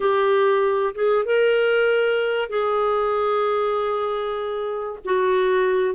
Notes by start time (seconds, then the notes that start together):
0.00 G4
0.94 G#4
1.25 A#4
2.49 G#4
5.04 F#4